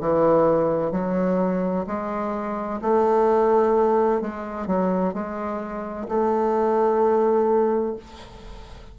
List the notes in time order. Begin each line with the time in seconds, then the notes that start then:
0.00 E3
0.91 F#3
1.86 G#3
2.81 A3
4.21 G#3
4.67 F#3
5.13 G#3
6.08 A3